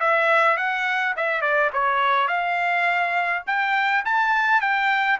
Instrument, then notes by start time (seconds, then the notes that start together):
trumpet
0.00 E5
0.57 F#5
1.17 E5
1.41 D5
1.73 C#5
2.28 F5
3.46 G5
4.05 A5
4.61 G5